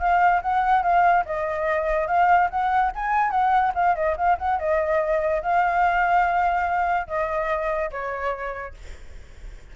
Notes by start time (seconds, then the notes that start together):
0.00 F5
0.42 F#5
0.83 F5
1.26 D#5
2.08 F5
2.51 F#5
2.96 G#5
3.31 F#5
3.75 F5
3.96 D#5
4.17 F5
4.39 F#5
4.59 D#5
5.43 F5
7.08 D#5
7.91 C#5